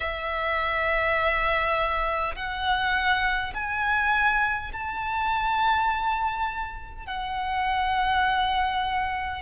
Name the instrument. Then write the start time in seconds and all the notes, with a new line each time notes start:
violin
0.00 E5
2.35 F#5
3.53 G#5
4.72 A5
7.06 F#5